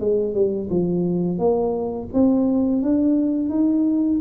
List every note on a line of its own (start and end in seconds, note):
0.00 0.34 G#3
0.34 0.69 G3
0.70 1.39 F3
1.39 2.09 A#3
2.14 2.82 C4
2.82 3.50 D4
3.50 4.20 D#4